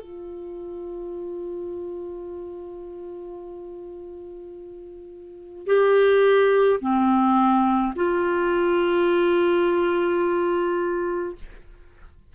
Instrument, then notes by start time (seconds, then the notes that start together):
clarinet
0.00 F4
5.67 G4
6.81 C4
7.96 F4